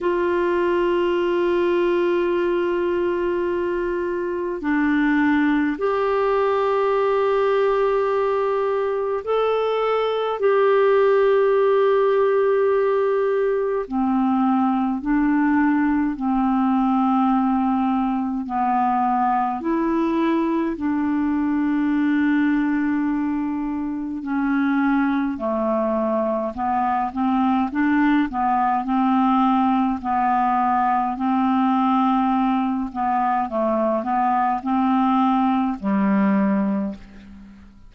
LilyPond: \new Staff \with { instrumentName = "clarinet" } { \time 4/4 \tempo 4 = 52 f'1 | d'4 g'2. | a'4 g'2. | c'4 d'4 c'2 |
b4 e'4 d'2~ | d'4 cis'4 a4 b8 c'8 | d'8 b8 c'4 b4 c'4~ | c'8 b8 a8 b8 c'4 g4 | }